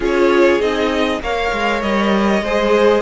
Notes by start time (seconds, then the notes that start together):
0.00 C#4 F4 G#4 C#5
0.60 C4 D#4 D#5
1.21 A#3 A#4 C#5 F5
1.52 G#3
1.82 G3 D#5
2.41 G#3 G#4 C5